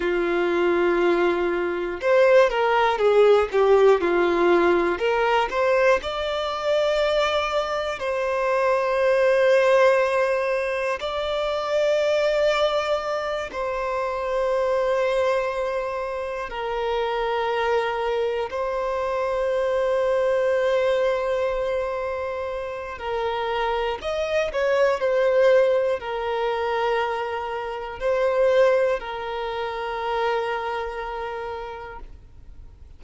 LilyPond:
\new Staff \with { instrumentName = "violin" } { \time 4/4 \tempo 4 = 60 f'2 c''8 ais'8 gis'8 g'8 | f'4 ais'8 c''8 d''2 | c''2. d''4~ | d''4. c''2~ c''8~ |
c''8 ais'2 c''4.~ | c''2. ais'4 | dis''8 cis''8 c''4 ais'2 | c''4 ais'2. | }